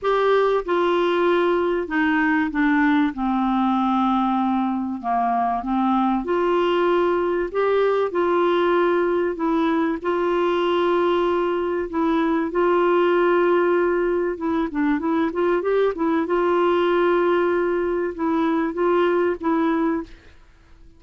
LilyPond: \new Staff \with { instrumentName = "clarinet" } { \time 4/4 \tempo 4 = 96 g'4 f'2 dis'4 | d'4 c'2. | ais4 c'4 f'2 | g'4 f'2 e'4 |
f'2. e'4 | f'2. e'8 d'8 | e'8 f'8 g'8 e'8 f'2~ | f'4 e'4 f'4 e'4 | }